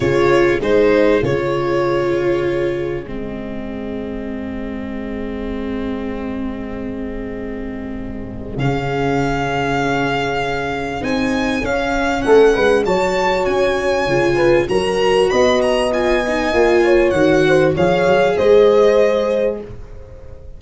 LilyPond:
<<
  \new Staff \with { instrumentName = "violin" } { \time 4/4 \tempo 4 = 98 cis''4 c''4 cis''2~ | cis''4 dis''2.~ | dis''1~ | dis''2 f''2~ |
f''2 gis''4 f''4 | fis''4 a''4 gis''2 | ais''4 b''8 ais''8 gis''2 | fis''4 f''4 dis''2 | }
  \new Staff \with { instrumentName = "horn" } { \time 4/4 gis'1~ | gis'1~ | gis'1~ | gis'1~ |
gis'1 | a'8 b'8 cis''2~ cis''8 b'8 | ais'4 dis''2~ dis''8 cis''8~ | cis''8 c''8 cis''4 c''2 | }
  \new Staff \with { instrumentName = "viola" } { \time 4/4 f'4 dis'4 f'2~ | f'4 c'2.~ | c'1~ | c'2 cis'2~ |
cis'2 dis'4 cis'4~ | cis'4 fis'2 f'4 | fis'2 f'8 dis'8 f'4 | fis'4 gis'2. | }
  \new Staff \with { instrumentName = "tuba" } { \time 4/4 cis4 gis4 cis2~ | cis4 gis2.~ | gis1~ | gis2 cis2~ |
cis2 c'4 cis'4 | a8 gis8 fis4 cis'4 cis4 | fis4 b2 ais4 | dis4 f8 fis8 gis2 | }
>>